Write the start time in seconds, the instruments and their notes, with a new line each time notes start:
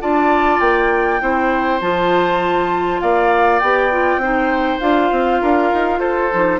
0.00 bassoon D4, clarinet F4, oboe D5, flute A5
0.60 bassoon A#3, flute G5
1.20 bassoon C4, clarinet E4, oboe C5
1.81 bassoon F3, clarinet F4, flute A5
3.01 bassoon A#3, oboe D5, flute F5
3.59 bassoon B3, clarinet G4, flute G5
3.91 clarinet F4
4.17 bassoon C4, clarinet D#4, oboe C5
4.79 bassoon D4, clarinet F4, flute F5
5.11 bassoon C4
5.41 bassoon D4, oboe A#4
5.73 bassoon D#4
5.99 bassoon F4, oboe A4, flute C5
6.33 bassoon F3, clarinet D#4